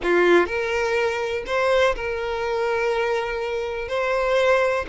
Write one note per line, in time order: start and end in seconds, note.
0.02 0.46 F4
0.46 1.43 A#4
1.46 1.95 C5
1.95 3.88 A#4
3.88 4.85 C5